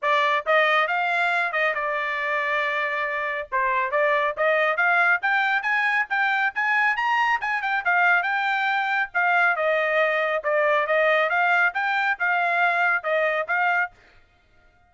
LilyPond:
\new Staff \with { instrumentName = "trumpet" } { \time 4/4 \tempo 4 = 138 d''4 dis''4 f''4. dis''8 | d''1 | c''4 d''4 dis''4 f''4 | g''4 gis''4 g''4 gis''4 |
ais''4 gis''8 g''8 f''4 g''4~ | g''4 f''4 dis''2 | d''4 dis''4 f''4 g''4 | f''2 dis''4 f''4 | }